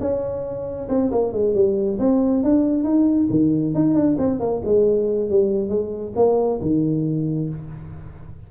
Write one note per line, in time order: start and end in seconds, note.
0.00 0.88 C#4
0.89 1.11 C4
1.11 1.33 A#3
1.33 1.54 G#3
1.54 1.98 G3
1.99 2.43 C4
2.43 2.84 D4
2.84 3.28 D#4
3.30 3.74 D#3
3.74 3.94 D#4
3.94 4.16 D4
4.18 4.39 C4
4.39 4.61 A#3
4.64 5.30 G#3
5.30 5.69 G3
5.69 6.13 G#3
6.16 6.60 A#3
6.61 7.49 D#3